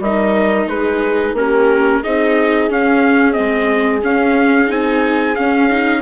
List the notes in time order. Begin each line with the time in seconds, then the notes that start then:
0.00 G3 D#4 A#4 D#5
0.67 G#3 G#4 B4
1.33 A#3 C#4 G4 A#4
2.01 C4 D#4 G#4 D#5
2.70 C#4 F5
3.33 C4 D#5
3.39 G#3
4.03 C#4 F5
4.67 C4 D#4 G#5
5.36 C#4 F5
5.70 D#4